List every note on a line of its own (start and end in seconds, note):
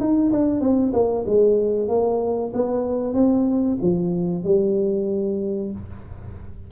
0.00 0.32 D#4
0.32 0.61 D4
0.61 0.93 C4
0.93 1.25 A#3
1.26 1.89 G#3
1.89 2.53 A#3
2.54 3.14 B3
3.14 3.78 C4
3.82 4.44 F3
4.44 5.72 G3